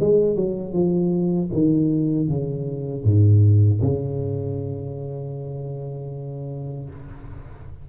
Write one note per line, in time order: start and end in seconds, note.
0.00 0.36 G#3
0.36 0.73 F#3
0.73 1.50 F3
1.52 2.28 D#3
2.28 3.04 C#3
3.04 3.81 G#2
3.81 6.89 C#3